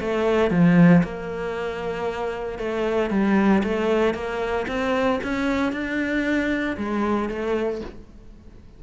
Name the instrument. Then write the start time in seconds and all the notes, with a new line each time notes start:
cello
0.00 A3
0.50 F3
1.03 A#3
2.58 A3
3.10 G3
3.63 A3
4.14 A#3
4.68 C4
5.23 C#4
5.72 D4
6.77 G#3
7.29 A3